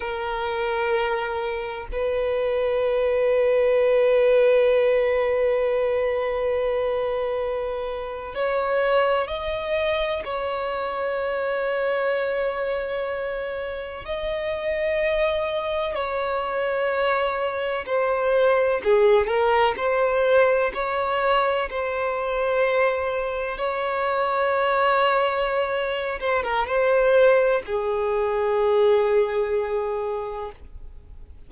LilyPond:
\new Staff \with { instrumentName = "violin" } { \time 4/4 \tempo 4 = 63 ais'2 b'2~ | b'1~ | b'8. cis''4 dis''4 cis''4~ cis''16~ | cis''2~ cis''8. dis''4~ dis''16~ |
dis''8. cis''2 c''4 gis'16~ | gis'16 ais'8 c''4 cis''4 c''4~ c''16~ | c''8. cis''2~ cis''8. c''16 ais'16 | c''4 gis'2. | }